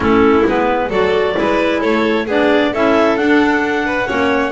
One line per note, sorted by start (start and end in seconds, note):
0.00 0.43 A3
0.00 0.44 C#4
0.00 0.88 E4
0.00 0.47 A4
0.45 0.90 G#3
0.45 0.90 B3
0.45 0.90 B4
0.88 1.35 F#3
0.88 1.34 F#4
0.88 1.34 A4
0.88 1.81 D5
1.34 1.83 G#3
1.34 2.25 E4
1.34 1.80 B4
1.80 2.27 A3
1.80 2.25 A4
1.80 2.26 C#5
2.26 2.73 B3
2.26 2.74 D4
2.26 2.71 G#4
2.26 2.74 D5
2.72 3.16 C#4
2.72 3.19 E4
2.72 3.85 A4
2.72 3.17 E5
3.16 4.07 D4
3.16 4.06 D4
3.16 4.51 F#5
3.85 4.07 B4
4.06 4.51 A#3
4.06 4.51 C#4
4.06 4.51 C#5